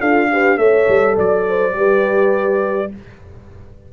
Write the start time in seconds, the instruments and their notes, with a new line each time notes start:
0.00 tuba D4, horn F4 A4, trumpet F5
0.31 horn G4 B4
0.58 tuba A3, horn A4 C#5, trumpet E5
0.88 tuba G3
1.16 tuba F#3, horn D5, trumpet D5
1.48 horn C5
1.73 tuba G3, horn G4 B4